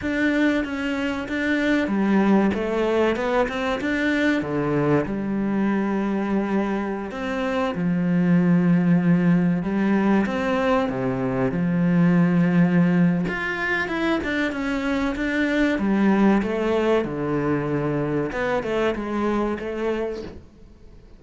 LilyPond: \new Staff \with { instrumentName = "cello" } { \time 4/4 \tempo 4 = 95 d'4 cis'4 d'4 g4 | a4 b8 c'8 d'4 d4 | g2.~ g16 c'8.~ | c'16 f2. g8.~ |
g16 c'4 c4 f4.~ f16~ | f4 f'4 e'8 d'8 cis'4 | d'4 g4 a4 d4~ | d4 b8 a8 gis4 a4 | }